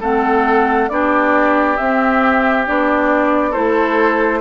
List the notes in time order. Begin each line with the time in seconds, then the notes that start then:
0.00 A3 C4 A4 F#5
0.89 B3 D4 G4 D5
1.77 C4 E5
2.66 B3 D4 D5
3.50 A3 E4 A4 C5